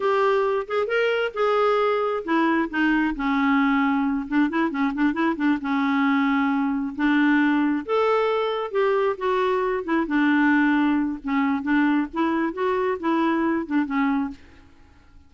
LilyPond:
\new Staff \with { instrumentName = "clarinet" } { \time 4/4 \tempo 4 = 134 g'4. gis'8 ais'4 gis'4~ | gis'4 e'4 dis'4 cis'4~ | cis'4. d'8 e'8 cis'8 d'8 e'8 | d'8 cis'2. d'8~ |
d'4. a'2 g'8~ | g'8 fis'4. e'8 d'4.~ | d'4 cis'4 d'4 e'4 | fis'4 e'4. d'8 cis'4 | }